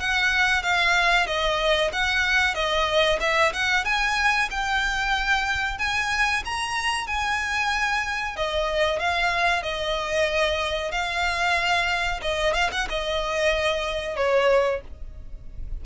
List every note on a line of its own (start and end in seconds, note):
0.00 0.63 F#5
0.63 1.27 F5
1.27 1.91 D#5
1.93 2.55 F#5
2.55 3.19 D#5
3.21 3.53 E5
3.53 3.85 F#5
3.85 4.49 G#5
4.51 5.79 G5
5.79 6.43 G#5
6.45 7.07 A#5
7.07 8.36 G#5
8.37 9.00 D#5
9.00 9.63 F5
9.63 10.92 D#5
10.92 12.21 F5
12.22 12.54 D#5
12.54 12.70 F5
12.72 12.88 F#5
12.89 14.16 D#5
14.16 14.81 C#5